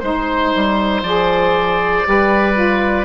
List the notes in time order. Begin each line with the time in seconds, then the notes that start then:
0.00 G#3 D#4 C5
0.56 G3
1.03 F3 G#4 D5
2.05 G3 G4 B4
2.54 F4